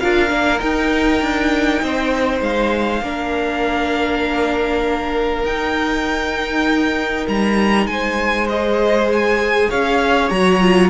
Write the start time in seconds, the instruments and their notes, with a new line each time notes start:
0.00 cello D4, viola F4, violin A#4 F5
0.29 cello A#3, viola D4
0.59 viola D#4, cello D#4, violin G5
1.22 cello D4
1.83 cello C4, violin C5
2.42 cello G#3, violin F5
3.02 cello A#3, viola D4, violin A#4
5.44 cello D#4, viola D#4, violin G5
7.28 cello G3, violin A#5
7.86 cello G#3, violin C5 G#5
8.49 viola G#4, violin D#5
9.13 violin G#5
9.70 cello C#4, violin C#5 F5
10.30 cello F#3, viola F#4, violin A#5
10.62 viola F4